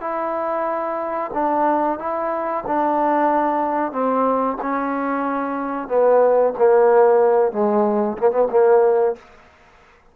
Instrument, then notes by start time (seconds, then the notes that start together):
trombone
0.00 E4
1.33 D4
1.98 E4
2.67 D4
3.92 C4
4.62 C#4
5.88 B3
6.58 A#3
7.52 G#3
8.18 A#3
8.31 B3
8.50 A#3